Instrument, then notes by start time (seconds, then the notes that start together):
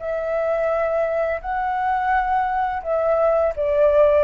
flute
0.00 E5
1.41 F#5
2.83 E5
3.56 D5